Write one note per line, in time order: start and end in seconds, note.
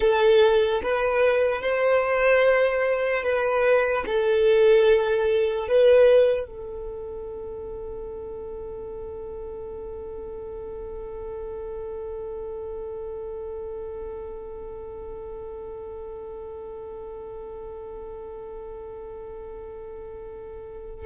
0.00 0.81 A4
0.83 1.61 B4
1.61 3.23 C5
3.23 4.04 B4
4.05 5.68 A4
5.68 6.46 B4
6.46 21.06 A4